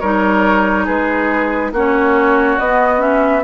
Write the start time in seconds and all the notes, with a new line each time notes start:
0.00 G3 D#4 A#4 C#5
0.86 G#3 G#4 B4
1.72 A#3 C#4 F#4 C#5
2.59 B3 D#5
2.98 C#4 E5